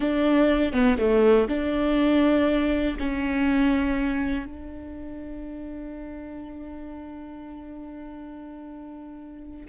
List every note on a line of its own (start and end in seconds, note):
0.00 0.72 D4
0.72 0.97 B3
0.98 1.47 A3
1.48 2.97 D4
2.99 4.45 C#4
4.45 9.66 D4